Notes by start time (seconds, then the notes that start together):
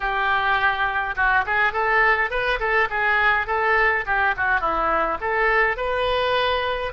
0.00 G4
1.15 F#4
1.46 G#4
1.72 A4
2.30 B4
2.59 A4
2.90 G#4
3.46 A4
4.05 G4
4.36 F#4
4.60 E4
5.20 A4
5.76 B4